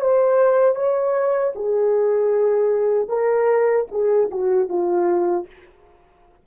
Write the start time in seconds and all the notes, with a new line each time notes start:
0.00 C5
0.75 C#5
1.55 G#4
3.08 A#4
3.91 G#4
4.31 F#4
4.68 F4